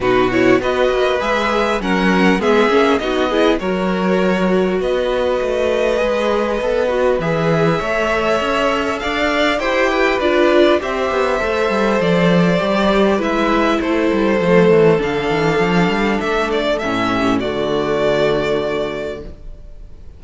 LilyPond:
<<
  \new Staff \with { instrumentName = "violin" } { \time 4/4 \tempo 4 = 100 b'8 cis''8 dis''4 e''4 fis''4 | e''4 dis''4 cis''2 | dis''1 | e''2. f''4 |
g''4 d''4 e''2 | d''2 e''4 c''4~ | c''4 f''2 e''8 d''8 | e''4 d''2. | }
  \new Staff \with { instrumentName = "violin" } { \time 4/4 fis'4 b'2 ais'4 | gis'4 fis'8 gis'8 ais'2 | b'1~ | b'4 cis''2 d''4 |
c''8 b'4. c''2~ | c''2 b'4 a'4~ | a'1~ | a'8 g'8 fis'2. | }
  \new Staff \with { instrumentName = "viola" } { \time 4/4 dis'8 e'8 fis'4 gis'4 cis'4 | b8 cis'8 dis'8 e'8 fis'2~ | fis'2 gis'4 a'8 fis'8 | gis'4 a'2. |
g'4 f'4 g'4 a'4~ | a'4 g'4 e'2 | a4 d'2. | cis'4 a2. | }
  \new Staff \with { instrumentName = "cello" } { \time 4/4 b,4 b8 ais8 gis4 fis4 | gis8 ais8 b4 fis2 | b4 a4 gis4 b4 | e4 a4 cis'4 d'4 |
e'4 d'4 c'8 b8 a8 g8 | f4 g4 gis4 a8 g8 | f8 e8 d8 e8 f8 g8 a4 | a,4 d2. | }
>>